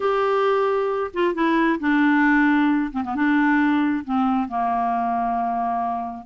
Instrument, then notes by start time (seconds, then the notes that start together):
clarinet
0.00 G4
1.13 F4
1.34 E4
1.79 D4
2.92 C4
3.03 B3
3.15 D4
4.04 C4
4.48 A#3